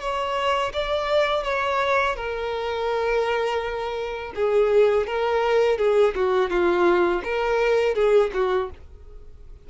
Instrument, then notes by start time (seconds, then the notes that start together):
violin
0.00 C#5
0.73 D5
1.44 C#5
2.16 A#4
4.35 G#4
5.07 A#4
5.78 G#4
6.15 F#4
6.50 F4
7.24 A#4
7.95 G#4
8.34 F#4